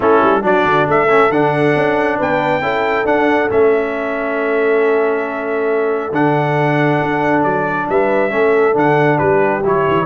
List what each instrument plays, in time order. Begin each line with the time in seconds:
0.00 tuba A3, trombone C#4, horn E4, trumpet A4
0.22 tuba G3
0.41 tuba F#3, trombone D4, horn F#4, trumpet D5
0.65 tuba D3
0.87 tuba A3, horn A4, trumpet E5
1.08 trombone C#4
1.29 tuba D3, trombone D4, trumpet F#5
1.75 tuba C#4
2.18 tuba B3, horn B4, trumpet G5
2.60 tuba C#4, trombone E4, horn A4
3.05 trombone D4, tuba D4, trumpet F#5
3.49 tuba A3, trombone C#4, trumpet E5
6.11 tuba D3, trombone D4, trumpet F#5
7.02 tuba D4
7.43 tuba F#3, trumpet D5
7.89 tuba G3, horn B4, trumpet E5
8.30 tuba A3, trombone C#4, horn A4
8.73 tuba D3, trombone D4, trumpet F#5
9.17 tuba G3, horn G4, trumpet B4
9.64 tuba F#3, trombone E4, trumpet C#5
9.88 tuba E3